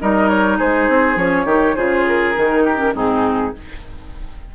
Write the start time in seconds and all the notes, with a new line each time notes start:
0.00 G3 D#4 A#4 D#5
0.28 C#5
0.58 G#3 G#4 C5
0.88 C4
1.15 F3 C#4 C#5
1.44 D#3 D#4 G4
1.75 C#3 F4 G#4 C5
2.07 A#4
2.34 D#3 D#4
2.64 G4
2.76 C#4
2.94 G#2 C4 D#4 G#4